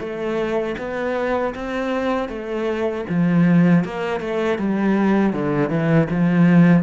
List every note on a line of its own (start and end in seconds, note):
0.00 0.76 A3
0.78 1.54 B3
1.55 2.29 C4
2.29 3.05 A3
3.10 3.85 F3
3.85 4.21 A#3
4.21 4.59 A3
4.59 5.34 G3
5.34 5.70 D3
5.70 6.08 E3
6.10 6.84 F3